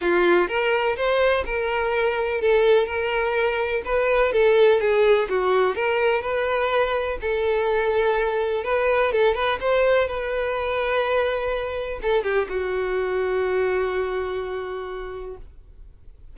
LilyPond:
\new Staff \with { instrumentName = "violin" } { \time 4/4 \tempo 4 = 125 f'4 ais'4 c''4 ais'4~ | ais'4 a'4 ais'2 | b'4 a'4 gis'4 fis'4 | ais'4 b'2 a'4~ |
a'2 b'4 a'8 b'8 | c''4 b'2.~ | b'4 a'8 g'8 fis'2~ | fis'1 | }